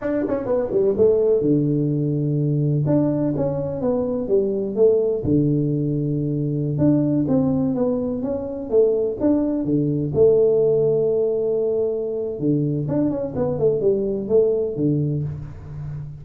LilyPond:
\new Staff \with { instrumentName = "tuba" } { \time 4/4 \tempo 4 = 126 d'8 cis'8 b8 g8 a4 d4~ | d2 d'4 cis'4 | b4 g4 a4 d4~ | d2~ d16 d'4 c'8.~ |
c'16 b4 cis'4 a4 d'8.~ | d'16 d4 a2~ a8.~ | a2 d4 d'8 cis'8 | b8 a8 g4 a4 d4 | }